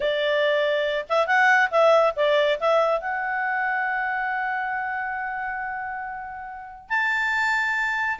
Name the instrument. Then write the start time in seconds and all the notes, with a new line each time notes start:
clarinet
0.00 D5
1.09 E5
1.26 F#5
1.70 E5
2.16 D5
2.60 E5
3.00 F#5
6.89 A5